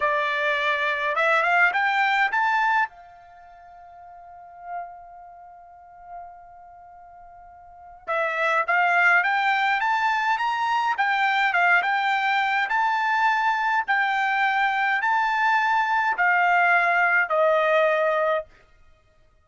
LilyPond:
\new Staff \with { instrumentName = "trumpet" } { \time 4/4 \tempo 4 = 104 d''2 e''8 f''8 g''4 | a''4 f''2.~ | f''1~ | f''2 e''4 f''4 |
g''4 a''4 ais''4 g''4 | f''8 g''4. a''2 | g''2 a''2 | f''2 dis''2 | }